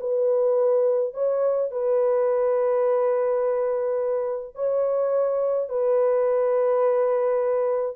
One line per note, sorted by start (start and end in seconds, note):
0.00 1.14 B4
1.14 1.71 C#5
1.71 4.55 B4
4.55 5.69 C#5
5.69 7.96 B4